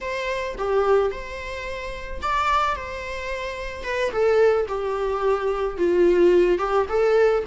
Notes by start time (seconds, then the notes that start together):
0.01 C5
0.58 G4
1.11 C5
2.22 D5
2.75 C5
3.83 B4
4.11 A4
4.68 G4
5.77 F4
6.58 G4
6.88 A4